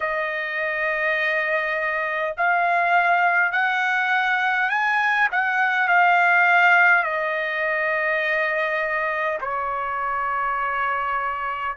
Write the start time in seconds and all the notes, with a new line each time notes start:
0.00 D#5
2.37 F5
3.51 F#5
4.70 G#5
5.31 F#5
5.88 F5
7.03 D#5
9.41 C#5